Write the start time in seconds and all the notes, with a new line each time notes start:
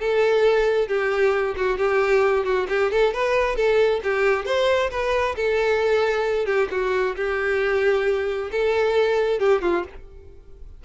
0.00 A4
0.88 G4
1.57 F#4
1.78 G4
2.45 F#4
2.69 G4
2.91 A4
3.13 B4
3.56 A4
4.04 G4
4.46 C5
4.91 B4
5.36 A4
6.46 G4
6.71 F#4
7.16 G4
8.51 A4
9.39 G4
9.62 F4